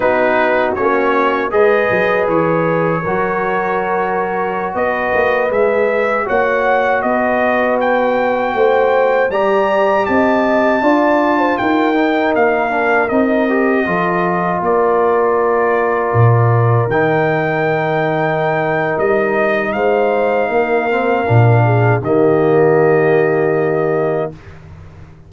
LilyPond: <<
  \new Staff \with { instrumentName = "trumpet" } { \time 4/4 \tempo 4 = 79 b'4 cis''4 dis''4 cis''4~ | cis''2~ cis''16 dis''4 e''8.~ | e''16 fis''4 dis''4 g''4.~ g''16~ | g''16 ais''4 a''2 g''8.~ |
g''16 f''4 dis''2 d''8.~ | d''2~ d''16 g''4.~ g''16~ | g''4 dis''4 f''2~ | f''4 dis''2. | }
  \new Staff \with { instrumentName = "horn" } { \time 4/4 fis'2 b'2 | ais'2~ ais'16 b'4.~ b'16~ | b'16 cis''4 b'2 c''8.~ | c''16 d''4 dis''4 d''8. c''16 ais'8.~ |
ais'2~ ais'16 a'4 ais'8.~ | ais'1~ | ais'2 c''4 ais'4~ | ais'8 gis'8 g'2. | }
  \new Staff \with { instrumentName = "trombone" } { \time 4/4 dis'4 cis'4 gis'2 | fis'2.~ fis'16 gis'8.~ | gis'16 fis'2.~ fis'8.~ | fis'16 g'2 f'4. dis'16~ |
dis'8. d'8 dis'8 g'8 f'4.~ f'16~ | f'2~ f'16 dis'4.~ dis'16~ | dis'2.~ dis'8 c'8 | d'4 ais2. | }
  \new Staff \with { instrumentName = "tuba" } { \time 4/4 b4 ais4 gis8 fis8 e4 | fis2~ fis16 b8 ais8 gis8.~ | gis16 ais4 b2 a8.~ | a16 g4 c'4 d'4 dis'8.~ |
dis'16 ais4 c'4 f4 ais8.~ | ais4~ ais16 ais,4 dis4.~ dis16~ | dis4 g4 gis4 ais4 | ais,4 dis2. | }
>>